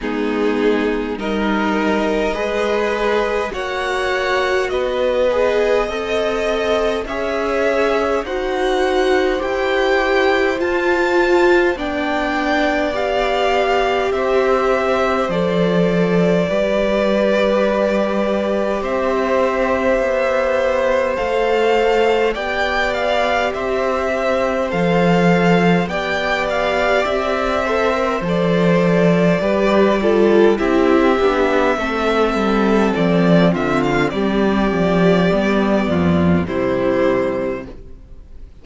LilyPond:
<<
  \new Staff \with { instrumentName = "violin" } { \time 4/4 \tempo 4 = 51 gis'4 dis''2 fis''4 | dis''2 e''4 fis''4 | g''4 a''4 g''4 f''4 | e''4 d''2. |
e''2 f''4 g''8 f''8 | e''4 f''4 g''8 f''8 e''4 | d''2 e''2 | d''8 e''16 f''16 d''2 c''4 | }
  \new Staff \with { instrumentName = "violin" } { \time 4/4 dis'4 ais'4 b'4 cis''4 | b'4 dis''4 cis''4 c''4~ | c''2 d''2 | c''2 b'2 |
c''2. d''4 | c''2 d''4. c''8~ | c''4 b'8 a'8 g'4 a'4~ | a'8 f'8 g'4. f'8 e'4 | }
  \new Staff \with { instrumentName = "viola" } { \time 4/4 b4 dis'4 gis'4 fis'4~ | fis'8 gis'8 a'4 gis'4 fis'4 | g'4 f'4 d'4 g'4~ | g'4 a'4 g'2~ |
g'2 a'4 g'4~ | g'4 a'4 g'4. a'16 ais'16 | a'4 g'8 f'8 e'8 d'8 c'4~ | c'2 b4 g4 | }
  \new Staff \with { instrumentName = "cello" } { \time 4/4 gis4 g4 gis4 ais4 | b4 c'4 cis'4 dis'4 | e'4 f'4 b2 | c'4 f4 g2 |
c'4 b4 a4 b4 | c'4 f4 b4 c'4 | f4 g4 c'8 b8 a8 g8 | f8 d8 g8 f8 g8 f,8 c4 | }
>>